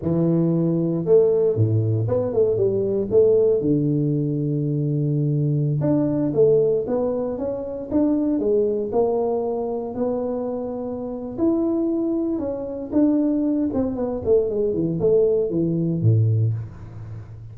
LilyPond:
\new Staff \with { instrumentName = "tuba" } { \time 4/4 \tempo 4 = 116 e2 a4 a,4 | b8 a8 g4 a4 d4~ | d2.~ d16 d'8.~ | d'16 a4 b4 cis'4 d'8.~ |
d'16 gis4 ais2 b8.~ | b2 e'2 | cis'4 d'4. c'8 b8 a8 | gis8 e8 a4 e4 a,4 | }